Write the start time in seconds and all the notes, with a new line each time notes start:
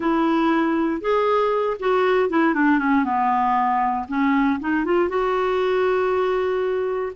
0.00 E4
1.01 G#4
1.79 F#4
2.29 E4
2.54 D4
2.79 C#4
3.04 B3
4.08 C#4
4.60 D#4
4.84 F4
5.08 F#4